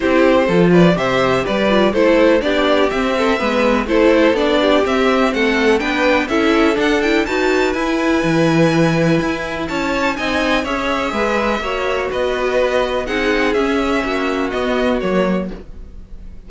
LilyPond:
<<
  \new Staff \with { instrumentName = "violin" } { \time 4/4 \tempo 4 = 124 c''4. d''8 e''4 d''4 | c''4 d''4 e''2 | c''4 d''4 e''4 fis''4 | g''4 e''4 fis''8 g''8 a''4 |
gis''1 | a''4 gis''4 e''2~ | e''4 dis''2 fis''4 | e''2 dis''4 cis''4 | }
  \new Staff \with { instrumentName = "violin" } { \time 4/4 g'4 a'8 b'8 c''4 b'4 | a'4 g'4. a'8 b'4 | a'4. g'4. a'4 | b'4 a'2 b'4~ |
b'1 | cis''4 dis''4 cis''4 b'4 | cis''4 b'2 gis'4~ | gis'4 fis'2. | }
  \new Staff \with { instrumentName = "viola" } { \time 4/4 e'4 f'4 g'4. f'8 | e'4 d'4 c'4 b4 | e'4 d'4 c'2 | d'4 e'4 d'8 e'8 fis'4 |
e'1~ | e'4 dis'4 gis'2 | fis'2. dis'4 | cis'2 b4 ais4 | }
  \new Staff \with { instrumentName = "cello" } { \time 4/4 c'4 f4 c4 g4 | a4 b4 c'4 gis4 | a4 b4 c'4 a4 | b4 cis'4 d'4 dis'4 |
e'4 e2 e'4 | cis'4 c'4 cis'4 gis4 | ais4 b2 c'4 | cis'4 ais4 b4 fis4 | }
>>